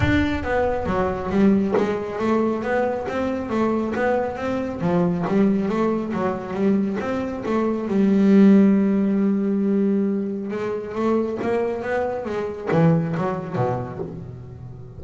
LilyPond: \new Staff \with { instrumentName = "double bass" } { \time 4/4 \tempo 4 = 137 d'4 b4 fis4 g4 | gis4 a4 b4 c'4 | a4 b4 c'4 f4 | g4 a4 fis4 g4 |
c'4 a4 g2~ | g1 | gis4 a4 ais4 b4 | gis4 e4 fis4 b,4 | }